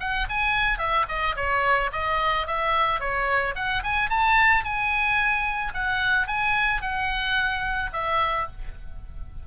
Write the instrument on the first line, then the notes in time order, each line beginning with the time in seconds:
oboe
0.00 F#5
0.29 G#5
0.79 E5
1.08 D#5
1.36 C#5
1.93 D#5
2.47 E5
3.00 C#5
3.56 F#5
3.83 G#5
4.10 A5
4.64 G#5
5.74 F#5
6.27 G#5
6.82 F#5
7.93 E5